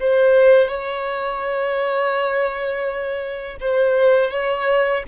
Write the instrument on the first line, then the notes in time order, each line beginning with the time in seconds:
violin
0.00 C5
0.69 C#5
3.61 C5
4.31 C#5